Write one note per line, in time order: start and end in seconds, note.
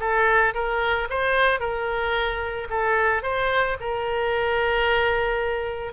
0.00 0.54 A4
0.54 1.08 A#4
1.10 1.60 C5
1.60 2.68 A#4
2.70 3.23 A4
3.23 3.77 C5
3.80 5.93 A#4